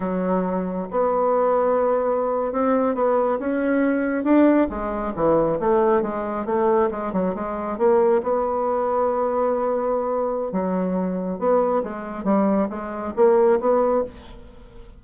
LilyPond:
\new Staff \with { instrumentName = "bassoon" } { \time 4/4 \tempo 4 = 137 fis2 b2~ | b4.~ b16 c'4 b4 cis'16~ | cis'4.~ cis'16 d'4 gis4 e16~ | e8. a4 gis4 a4 gis16~ |
gis16 fis8 gis4 ais4 b4~ b16~ | b1 | fis2 b4 gis4 | g4 gis4 ais4 b4 | }